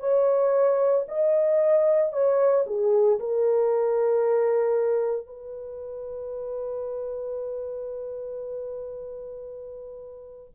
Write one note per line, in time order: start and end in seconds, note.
0.00 1.05 C#5
1.09 2.13 D#5
2.13 2.66 C#5
2.67 3.20 G#4
3.20 5.27 A#4
5.27 10.53 B4